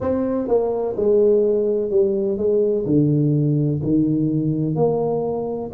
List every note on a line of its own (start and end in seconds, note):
0.00 0.48 C4
0.48 0.95 A#3
0.96 1.90 G#3
1.90 2.37 G3
2.37 2.85 G#3
2.85 3.81 D3
3.83 4.75 D#3
4.75 5.71 A#3